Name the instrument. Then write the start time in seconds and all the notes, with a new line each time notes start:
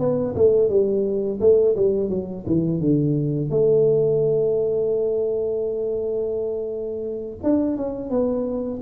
tuba
0.00 B3
0.36 A3
0.70 G3
1.41 A3
1.76 G3
2.10 F#3
2.47 E3
2.81 D3
3.50 A3
7.44 D4
7.77 C#4
8.11 B3